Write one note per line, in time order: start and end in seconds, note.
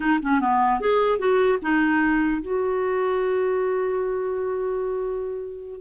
0.00 0.19 D#4
0.22 0.40 C#4
0.40 0.80 B3
0.80 1.18 G#4
1.18 1.58 F#4
1.62 2.41 D#4
2.41 5.81 F#4